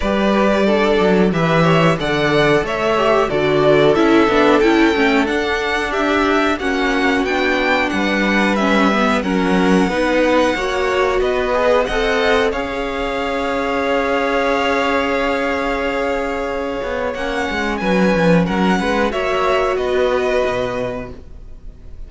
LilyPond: <<
  \new Staff \with { instrumentName = "violin" } { \time 4/4 \tempo 4 = 91 d''2 e''4 fis''4 | e''4 d''4 e''4 g''4 | fis''4 e''4 fis''4 g''4 | fis''4 e''4 fis''2~ |
fis''4 dis''4 fis''4 f''4~ | f''1~ | f''2 fis''4 gis''4 | fis''4 e''4 dis''2 | }
  \new Staff \with { instrumentName = "violin" } { \time 4/4 b'4 a'4 b'8 cis''8 d''4 | cis''4 a'2.~ | a'4 g'4 fis'2 | b'2 ais'4 b'4 |
cis''4 b'4 dis''4 cis''4~ | cis''1~ | cis''2. b'4 | ais'8 b'8 cis''4 b'2 | }
  \new Staff \with { instrumentName = "viola" } { \time 4/4 g'4 d'4 g'4 a'4~ | a'8 g'8 fis'4 e'8 d'8 e'8 cis'8 | d'2 cis'4 d'4~ | d'4 cis'8 b8 cis'4 dis'4 |
fis'4. gis'8 a'4 gis'4~ | gis'1~ | gis'2 cis'2~ | cis'4 fis'2. | }
  \new Staff \with { instrumentName = "cello" } { \time 4/4 g4. fis8 e4 d4 | a4 d4 cis'8 b8 cis'8 a8 | d'2 ais4 b4 | g2 fis4 b4 |
ais4 b4 c'4 cis'4~ | cis'1~ | cis'4. b8 ais8 gis8 fis8 f8 | fis8 gis8 ais4 b4 b,4 | }
>>